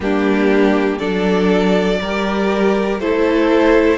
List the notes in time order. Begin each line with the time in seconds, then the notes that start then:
0.00 G3 A#3 D4 G4
0.98 F#3 D4 A4 D5
2.00 G3 G4 A#4
2.99 A3 E4 A4 C5